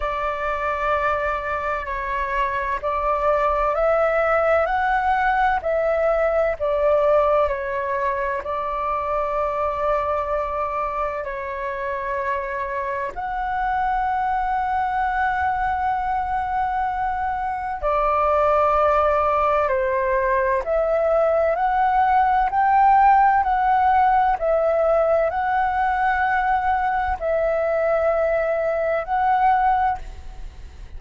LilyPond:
\new Staff \with { instrumentName = "flute" } { \time 4/4 \tempo 4 = 64 d''2 cis''4 d''4 | e''4 fis''4 e''4 d''4 | cis''4 d''2. | cis''2 fis''2~ |
fis''2. d''4~ | d''4 c''4 e''4 fis''4 | g''4 fis''4 e''4 fis''4~ | fis''4 e''2 fis''4 | }